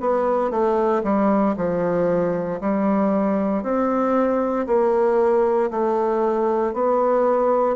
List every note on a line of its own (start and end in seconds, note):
0.00 0.50 B3
0.50 1.02 A3
1.03 1.55 G3
1.56 2.60 F3
2.61 3.63 G3
3.63 4.66 C4
4.66 5.70 A#3
5.70 6.73 A3
6.73 7.76 B3